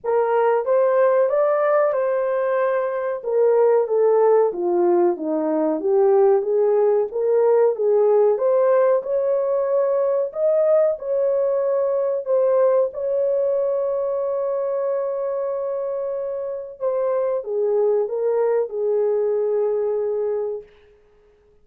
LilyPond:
\new Staff \with { instrumentName = "horn" } { \time 4/4 \tempo 4 = 93 ais'4 c''4 d''4 c''4~ | c''4 ais'4 a'4 f'4 | dis'4 g'4 gis'4 ais'4 | gis'4 c''4 cis''2 |
dis''4 cis''2 c''4 | cis''1~ | cis''2 c''4 gis'4 | ais'4 gis'2. | }